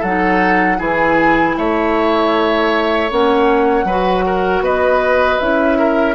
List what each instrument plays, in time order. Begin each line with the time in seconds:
0.00 bassoon F#3, clarinet D#4, oboe A4, flute F#5
0.78 bassoon E3, clarinet E4, oboe G#4, flute G#5
1.58 bassoon A3, oboe C#5, flute E5
3.10 bassoon A#3, clarinet C#4, flute F#5
3.84 bassoon F#3, clarinet F#4, oboe B4
4.26 oboe A#4
4.61 bassoon B3, oboe B4, flute D#5
5.39 bassoon C#4, clarinet E4, flute E5
5.79 oboe A#4